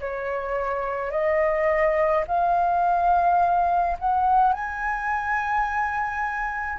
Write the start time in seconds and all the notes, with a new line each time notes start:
0.00 C#5
1.11 D#5
2.27 F5
3.99 F#5
4.53 G#5